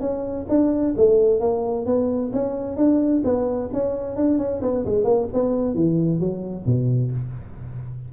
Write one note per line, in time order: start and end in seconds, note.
0.00 0.46 C#4
0.49 0.94 D4
0.96 1.40 A3
1.40 1.85 A#3
1.85 2.31 B3
2.33 2.76 C#4
2.76 3.22 D4
3.24 3.70 B3
3.72 4.16 C#4
4.16 4.38 D4
4.38 4.61 C#4
4.62 4.84 B3
4.85 5.04 G#3
5.04 5.27 A#3
5.33 5.74 B3
5.74 6.19 E3
6.19 6.65 F#3
6.65 7.11 B2